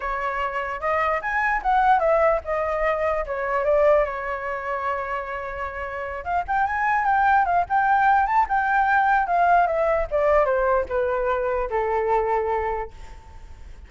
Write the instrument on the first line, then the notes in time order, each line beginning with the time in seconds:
flute
0.00 C#5
0.80 D#5
1.21 G#5
1.62 F#5
1.99 E5
2.44 D#5
3.25 C#5
3.64 D5
4.05 C#5
6.24 F5
6.47 G5
6.66 G#5
7.05 G5
7.45 F5
7.69 G5
8.26 A5
8.49 G5
9.26 F5
9.66 E5
10.10 D5
10.45 C5
10.88 B4
11.70 A4